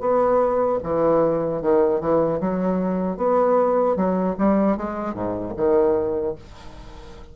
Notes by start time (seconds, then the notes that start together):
0.00 B3
0.83 E3
1.61 D#3
2.00 E3
2.40 F#3
3.17 B3
3.96 F#3
4.38 G3
4.77 G#3
5.14 G#2
5.56 D#3